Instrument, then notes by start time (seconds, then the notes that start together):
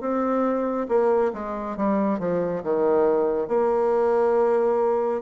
bassoon
0.00 C4
0.88 A#3
1.33 G#3
1.76 G3
2.19 F3
2.63 D#3
3.47 A#3